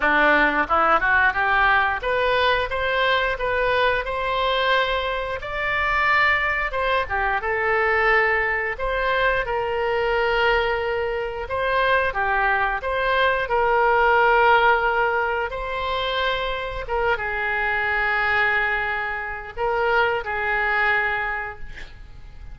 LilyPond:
\new Staff \with { instrumentName = "oboe" } { \time 4/4 \tempo 4 = 89 d'4 e'8 fis'8 g'4 b'4 | c''4 b'4 c''2 | d''2 c''8 g'8 a'4~ | a'4 c''4 ais'2~ |
ais'4 c''4 g'4 c''4 | ais'2. c''4~ | c''4 ais'8 gis'2~ gis'8~ | gis'4 ais'4 gis'2 | }